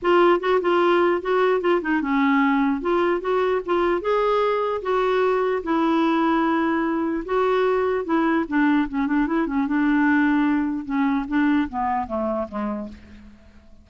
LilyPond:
\new Staff \with { instrumentName = "clarinet" } { \time 4/4 \tempo 4 = 149 f'4 fis'8 f'4. fis'4 | f'8 dis'8 cis'2 f'4 | fis'4 f'4 gis'2 | fis'2 e'2~ |
e'2 fis'2 | e'4 d'4 cis'8 d'8 e'8 cis'8 | d'2. cis'4 | d'4 b4 a4 gis4 | }